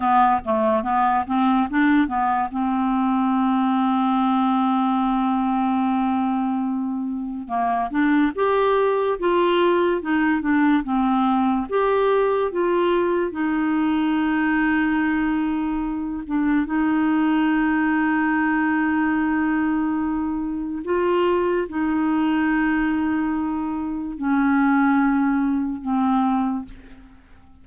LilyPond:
\new Staff \with { instrumentName = "clarinet" } { \time 4/4 \tempo 4 = 72 b8 a8 b8 c'8 d'8 b8 c'4~ | c'1~ | c'4 ais8 d'8 g'4 f'4 | dis'8 d'8 c'4 g'4 f'4 |
dis'2.~ dis'8 d'8 | dis'1~ | dis'4 f'4 dis'2~ | dis'4 cis'2 c'4 | }